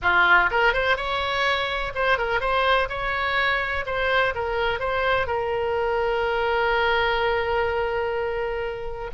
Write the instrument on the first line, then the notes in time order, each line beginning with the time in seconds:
oboe
0.01 F4
0.50 A#4
0.73 C5
0.96 C#5
1.94 C5
2.18 A#4
2.40 C5
2.89 C#5
3.85 C5
4.34 A#4
4.79 C5
5.26 A#4